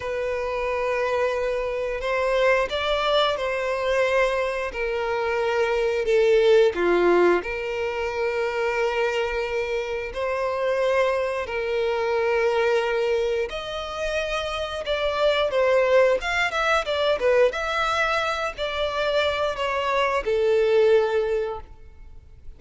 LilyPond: \new Staff \with { instrumentName = "violin" } { \time 4/4 \tempo 4 = 89 b'2. c''4 | d''4 c''2 ais'4~ | ais'4 a'4 f'4 ais'4~ | ais'2. c''4~ |
c''4 ais'2. | dis''2 d''4 c''4 | f''8 e''8 d''8 b'8 e''4. d''8~ | d''4 cis''4 a'2 | }